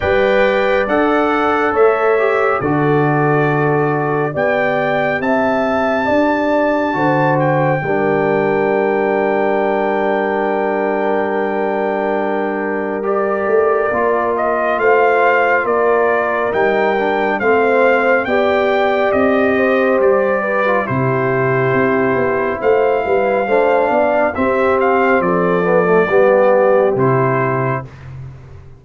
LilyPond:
<<
  \new Staff \with { instrumentName = "trumpet" } { \time 4/4 \tempo 4 = 69 g''4 fis''4 e''4 d''4~ | d''4 g''4 a''2~ | a''8 g''2.~ g''8~ | g''2. d''4~ |
d''8 dis''8 f''4 d''4 g''4 | f''4 g''4 dis''4 d''4 | c''2 f''2 | e''8 f''8 d''2 c''4 | }
  \new Staff \with { instrumentName = "horn" } { \time 4/4 d''2 cis''4 a'4~ | a'4 d''4 e''4 d''4 | c''4 ais'2.~ | ais'1~ |
ais'4 c''4 ais'2 | c''4 d''4. c''4 b'8 | g'2 c''8 b'8 c''8 d''8 | g'4 a'4 g'2 | }
  \new Staff \with { instrumentName = "trombone" } { \time 4/4 b'4 a'4. g'8 fis'4~ | fis'4 g'2. | fis'4 d'2.~ | d'2. g'4 |
f'2. dis'8 d'8 | c'4 g'2~ g'8. f'16 | e'2. d'4 | c'4. b16 a16 b4 e'4 | }
  \new Staff \with { instrumentName = "tuba" } { \time 4/4 g4 d'4 a4 d4~ | d4 b4 c'4 d'4 | d4 g2.~ | g2.~ g8 a8 |
ais4 a4 ais4 g4 | a4 b4 c'4 g4 | c4 c'8 b8 a8 g8 a8 b8 | c'4 f4 g4 c4 | }
>>